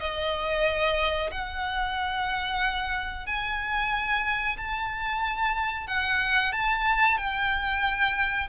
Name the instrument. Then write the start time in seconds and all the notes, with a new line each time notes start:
violin
0.00 D#5
1.31 F#5
3.26 G#5
4.57 A5
5.87 F#5
6.52 A5
7.17 G5